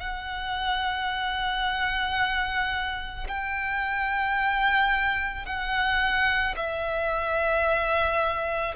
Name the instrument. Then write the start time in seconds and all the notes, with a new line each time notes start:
violin
0.00 F#5
3.28 G5
5.46 F#5
6.57 E5